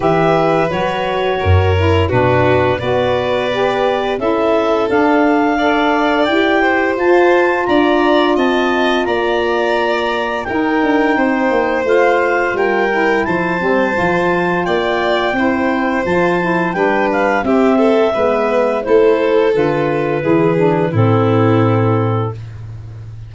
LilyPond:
<<
  \new Staff \with { instrumentName = "clarinet" } { \time 4/4 \tempo 4 = 86 e''4 cis''2 b'4 | d''2 e''4 f''4~ | f''4 g''4 a''4 ais''4 | a''4 ais''2 g''4~ |
g''4 f''4 g''4 a''4~ | a''4 g''2 a''4 | g''8 f''8 e''2 c''4 | b'2 a'2 | }
  \new Staff \with { instrumentName = "violin" } { \time 4/4 b'2 ais'4 fis'4 | b'2 a'2 | d''4. c''4. d''4 | dis''4 d''2 ais'4 |
c''2 ais'4 c''4~ | c''4 d''4 c''2 | b'4 g'8 a'8 b'4 a'4~ | a'4 gis'4 e'2 | }
  \new Staff \with { instrumentName = "saxophone" } { \time 4/4 g'4 fis'4. e'8 d'4 | fis'4 g'4 e'4 d'4 | a'4 g'4 f'2~ | f'2. dis'4~ |
dis'4 f'4. e'4 c'8 | f'2 e'4 f'8 e'8 | d'4 c'4 b4 e'4 | f'4 e'8 d'8 c'2 | }
  \new Staff \with { instrumentName = "tuba" } { \time 4/4 e4 fis4 fis,4 b,4 | b2 cis'4 d'4~ | d'4 e'4 f'4 d'4 | c'4 ais2 dis'8 d'8 |
c'8 ais8 a4 g4 f8 g8 | f4 ais4 c'4 f4 | g4 c'4 gis4 a4 | d4 e4 a,2 | }
>>